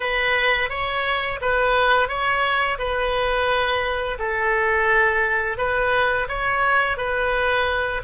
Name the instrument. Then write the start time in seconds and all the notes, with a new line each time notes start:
oboe
0.00 B4
0.69 C#5
1.41 B4
2.08 C#5
2.78 B4
4.19 A4
5.57 B4
6.28 C#5
6.97 B4